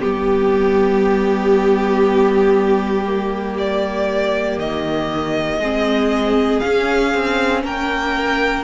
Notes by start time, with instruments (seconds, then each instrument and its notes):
0.00 cello G3, viola B3, violin G4
3.07 viola A#3
3.58 violin D5
4.58 cello D#3, violin D#5
5.59 cello G#3, viola C4, violin G#4
6.60 viola C#4, cello C#4, violin F5
7.14 cello C4
7.63 cello A#3, violin A#4 G5